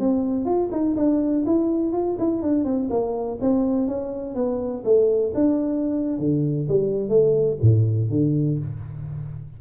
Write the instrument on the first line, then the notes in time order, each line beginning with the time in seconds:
tuba
0.00 C4
0.46 F4
0.72 D#4
0.97 D4
1.46 E4
1.93 F4
2.19 E4
2.42 D4
2.65 C4
2.91 A#3
3.41 C4
3.88 C#4
4.35 B3
4.85 A3
5.35 D4
6.19 D3
6.69 G3
7.09 A3
7.62 A2
8.10 D3